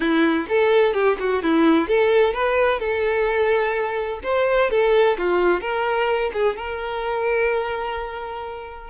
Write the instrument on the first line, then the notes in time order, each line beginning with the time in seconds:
violin
0.00 E4
0.48 A4
0.93 G4
1.19 F#4
1.43 E4
1.88 A4
2.33 B4
2.79 A4
4.23 C5
4.70 A4
5.18 F4
5.61 A#4
6.33 G#4
6.56 A#4